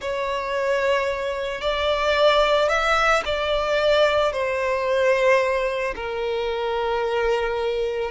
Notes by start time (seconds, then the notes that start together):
0.01 C#5
1.61 D5
2.69 E5
3.25 D5
4.32 C5
5.95 A#4